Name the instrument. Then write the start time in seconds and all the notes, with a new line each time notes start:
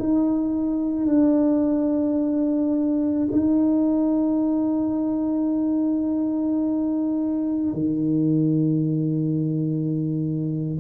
tuba
0.00 D#4
1.07 D4
3.32 D#4
7.74 D#3